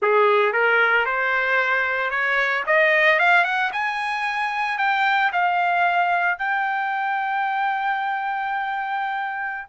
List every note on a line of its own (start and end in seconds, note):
0.02 0.52 G#4
0.52 1.05 A#4
1.05 2.10 C5
2.10 2.63 C#5
2.66 3.19 D#5
3.19 3.44 F5
3.44 3.70 F#5
3.72 4.78 G#5
4.78 5.31 G5
5.32 6.38 F5
6.38 9.68 G5